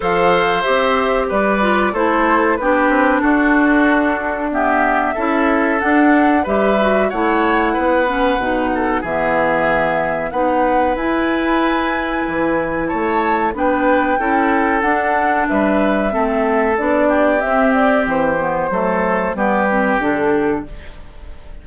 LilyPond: <<
  \new Staff \with { instrumentName = "flute" } { \time 4/4 \tempo 4 = 93 f''4 e''4 d''4 c''4 | b'4 a'2 e''4~ | e''4 fis''4 e''4 fis''4~ | fis''2 e''2 |
fis''4 gis''2. | a''4 g''2 fis''4 | e''2 d''4 e''8 d''8 | c''2 b'4 a'4 | }
  \new Staff \with { instrumentName = "oboe" } { \time 4/4 c''2 b'4 a'4 | g'4 fis'2 g'4 | a'2 b'4 cis''4 | b'4. a'8 gis'2 |
b'1 | cis''4 b'4 a'2 | b'4 a'4. g'4.~ | g'4 a'4 g'2 | }
  \new Staff \with { instrumentName = "clarinet" } { \time 4/4 a'4 g'4. f'8 e'4 | d'2. b4 | e'4 d'4 g'8 fis'8 e'4~ | e'8 cis'8 dis'4 b2 |
dis'4 e'2.~ | e'4 d'4 e'4 d'4~ | d'4 c'4 d'4 c'4~ | c'8 b8 a4 b8 c'8 d'4 | }
  \new Staff \with { instrumentName = "bassoon" } { \time 4/4 f4 c'4 g4 a4 | b8 c'8 d'2. | cis'4 d'4 g4 a4 | b4 b,4 e2 |
b4 e'2 e4 | a4 b4 cis'4 d'4 | g4 a4 b4 c'4 | e4 fis4 g4 d4 | }
>>